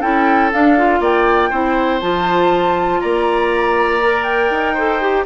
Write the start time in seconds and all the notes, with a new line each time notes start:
0.00 C#4 E4 A4 G5
0.53 D4 F5
0.77 F4
1.00 A#3 D5 G5
1.49 C4 E4 C5
2.00 F3 F4 A5
3.01 A#3 D5 A#5
4.02 A#4
4.23 G5
4.50 D#4
4.74 A4 C5
5.01 G4